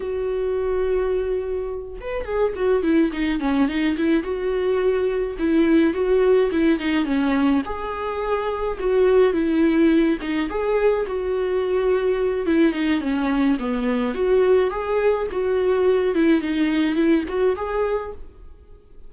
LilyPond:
\new Staff \with { instrumentName = "viola" } { \time 4/4 \tempo 4 = 106 fis'2.~ fis'8 b'8 | gis'8 fis'8 e'8 dis'8 cis'8 dis'8 e'8 fis'8~ | fis'4. e'4 fis'4 e'8 | dis'8 cis'4 gis'2 fis'8~ |
fis'8 e'4. dis'8 gis'4 fis'8~ | fis'2 e'8 dis'8 cis'4 | b4 fis'4 gis'4 fis'4~ | fis'8 e'8 dis'4 e'8 fis'8 gis'4 | }